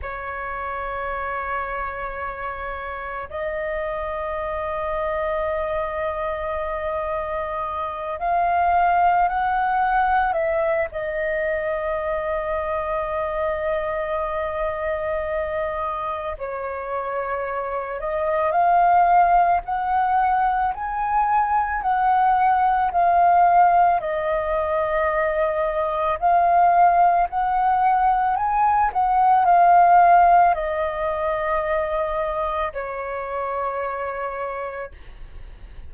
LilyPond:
\new Staff \with { instrumentName = "flute" } { \time 4/4 \tempo 4 = 55 cis''2. dis''4~ | dis''2.~ dis''8 f''8~ | f''8 fis''4 e''8 dis''2~ | dis''2. cis''4~ |
cis''8 dis''8 f''4 fis''4 gis''4 | fis''4 f''4 dis''2 | f''4 fis''4 gis''8 fis''8 f''4 | dis''2 cis''2 | }